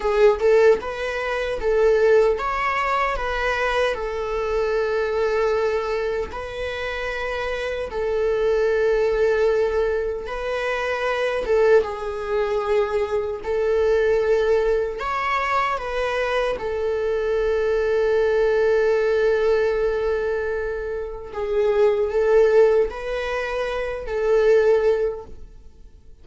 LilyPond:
\new Staff \with { instrumentName = "viola" } { \time 4/4 \tempo 4 = 76 gis'8 a'8 b'4 a'4 cis''4 | b'4 a'2. | b'2 a'2~ | a'4 b'4. a'8 gis'4~ |
gis'4 a'2 cis''4 | b'4 a'2.~ | a'2. gis'4 | a'4 b'4. a'4. | }